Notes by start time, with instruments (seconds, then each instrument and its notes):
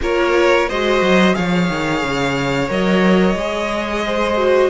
0.01 cello A#3, viola F4, violin A#4 C#5
0.68 cello G#3, viola F#4, violin C5 D#5
1.01 cello F#3
1.33 cello F3, viola G#4, violin C#5 F5
1.69 cello D#3
2.03 cello C#3
2.68 cello F#3, viola A#4, violin D#5
3.34 cello G#3, viola G#4
4.06 violin C5
4.37 viola F#4